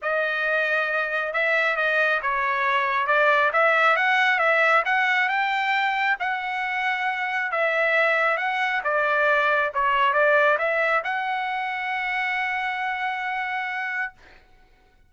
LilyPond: \new Staff \with { instrumentName = "trumpet" } { \time 4/4 \tempo 4 = 136 dis''2. e''4 | dis''4 cis''2 d''4 | e''4 fis''4 e''4 fis''4 | g''2 fis''2~ |
fis''4 e''2 fis''4 | d''2 cis''4 d''4 | e''4 fis''2.~ | fis''1 | }